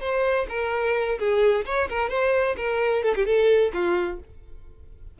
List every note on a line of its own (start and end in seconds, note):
0.00 0.46 C5
0.49 1.18 A#4
1.19 1.65 G#4
1.66 1.89 C#5
1.89 2.10 A#4
2.10 2.56 C5
2.57 3.03 A#4
3.03 3.15 A4
3.15 3.26 G4
3.26 3.72 A4
3.73 4.20 F4